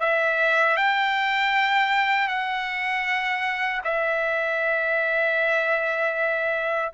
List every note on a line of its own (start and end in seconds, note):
0.00 0.77 E5
0.77 2.28 G5
2.28 3.81 F#5
3.84 6.92 E5